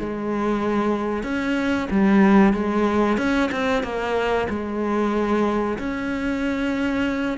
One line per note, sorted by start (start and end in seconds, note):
0.00 1.24 G#3
1.24 1.88 C#4
1.91 2.54 G3
2.54 3.18 G#3
3.18 3.50 C#4
3.52 3.84 C4
3.84 4.48 A#3
4.50 5.79 G#3
5.79 7.38 C#4